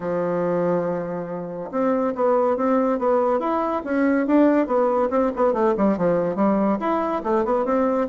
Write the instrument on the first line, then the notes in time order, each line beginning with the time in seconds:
bassoon
0.00 F3
1.71 C4
2.15 B3
2.56 C4
2.98 B3
3.39 E4
3.84 C#4
4.26 D4
4.66 B3
5.09 C4
5.36 B3
5.53 A3
5.77 G3
5.97 F3
6.35 G3
6.79 E4
7.23 A3
7.44 B3
7.65 C4